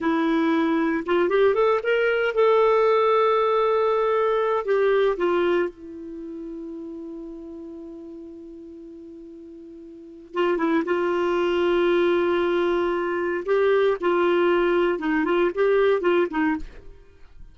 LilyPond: \new Staff \with { instrumentName = "clarinet" } { \time 4/4 \tempo 4 = 116 e'2 f'8 g'8 a'8 ais'8~ | ais'8 a'2.~ a'8~ | a'4 g'4 f'4 e'4~ | e'1~ |
e'1 | f'8 e'8 f'2.~ | f'2 g'4 f'4~ | f'4 dis'8 f'8 g'4 f'8 dis'8 | }